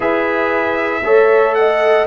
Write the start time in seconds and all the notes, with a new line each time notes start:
0.00 E4 G#4 B4 E5
1.03 A3 A4 C#5
1.54 D#5 F#5